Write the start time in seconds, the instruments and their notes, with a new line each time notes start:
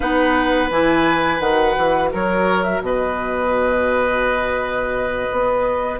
0.00 bassoon B3, clarinet D#4, oboe B4, flute F#5
0.70 bassoon E3, clarinet E4, flute G#5
1.39 bassoon D#3, clarinet F#4, flute F#5
1.77 bassoon E3
2.11 bassoon F#3, oboe A#4, flute C#5
2.63 flute E5
2.80 bassoon B2, oboe B4, flute D#5
5.32 bassoon B3